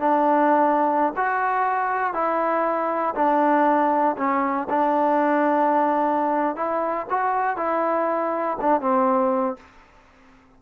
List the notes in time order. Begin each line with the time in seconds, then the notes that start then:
0.00 D4
1.17 F#4
2.14 E4
3.15 D4
4.17 C#4
4.70 D4
6.56 E4
7.10 F#4
7.57 E4
8.61 D4
8.81 C4